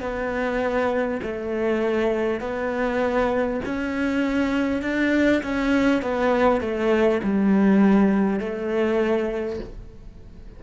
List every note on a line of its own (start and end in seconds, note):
0.00 1.20 B3
1.22 2.40 A3
2.40 3.60 B3
3.65 4.82 C#4
4.82 5.42 D4
5.42 6.02 C#4
6.02 6.61 B3
6.61 7.21 A3
7.23 8.39 G3
8.39 9.59 A3